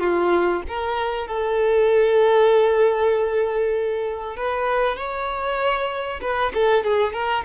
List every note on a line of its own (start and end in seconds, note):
0.00 0.62 F4
0.68 1.27 A#4
1.27 4.36 A4
4.37 4.97 B4
4.97 6.20 C#5
6.21 6.52 B4
6.54 6.84 A4
6.84 7.13 G#4
7.13 7.44 A#4